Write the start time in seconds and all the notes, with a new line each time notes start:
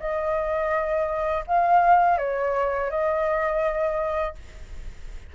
0.00 D#5
1.47 F5
2.18 C#5
2.91 D#5